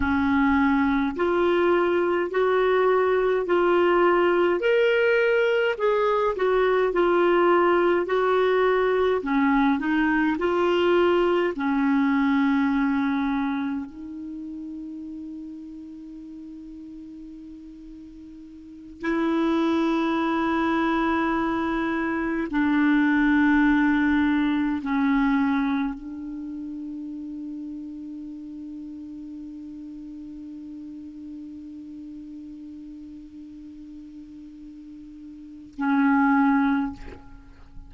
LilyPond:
\new Staff \with { instrumentName = "clarinet" } { \time 4/4 \tempo 4 = 52 cis'4 f'4 fis'4 f'4 | ais'4 gis'8 fis'8 f'4 fis'4 | cis'8 dis'8 f'4 cis'2 | dis'1~ |
dis'8 e'2. d'8~ | d'4. cis'4 d'4.~ | d'1~ | d'2. cis'4 | }